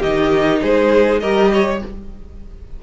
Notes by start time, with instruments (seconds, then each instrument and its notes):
0.00 cello D#3, viola D#4, violin G4 D#5
0.62 cello G#3, violin G#4 C5
1.20 cello G3, viola G4, violin A#4 D#5
1.53 violin C#5